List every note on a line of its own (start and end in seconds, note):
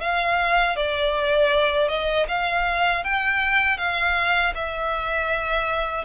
0.00 0.75 F5
0.75 1.88 D5
1.88 2.26 D#5
2.28 3.03 F5
3.03 3.77 G5
3.77 4.53 F5
4.54 6.04 E5